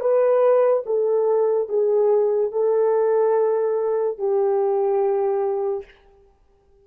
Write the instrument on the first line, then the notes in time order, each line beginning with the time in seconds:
horn
0.00 B4
0.86 A4
1.68 G#4
2.52 A4
4.18 G4